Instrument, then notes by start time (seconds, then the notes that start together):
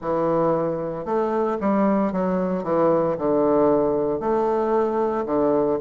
bassoon
0.00 E3
1.05 A3
1.60 G3
2.12 F#3
2.63 E3
3.18 D3
4.20 A3
5.25 D3